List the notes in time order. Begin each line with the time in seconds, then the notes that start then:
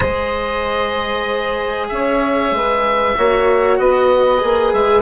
0.00 G#3 G#4 C5 D#5
1.88 C#4 C#5 E5
2.51 G#3 B4
3.16 A#3 F#4 C#5
3.79 B3 B4 D#5
4.38 A#3 G#4
4.73 G#3 E5